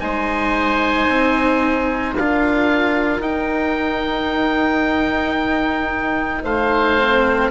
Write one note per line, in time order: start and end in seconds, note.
0.00 1.08 G#3
0.00 2.14 D#4
0.00 2.18 C5
0.00 2.15 G#5
1.08 2.15 C4
2.17 3.20 D4
2.17 3.23 F4
2.17 6.44 A#4
2.17 3.22 F5
3.20 6.41 D#4
3.20 6.98 D#4
3.20 6.43 G5
6.44 7.51 A3
6.44 7.51 C5
6.44 7.51 F5
6.98 7.51 C4